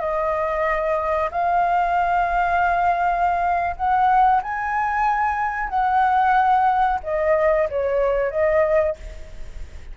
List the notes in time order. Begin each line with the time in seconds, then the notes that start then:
0.00 D#5
1.31 F5
3.76 F#5
4.43 G#5
5.69 F#5
7.03 D#5
7.70 C#5
8.31 D#5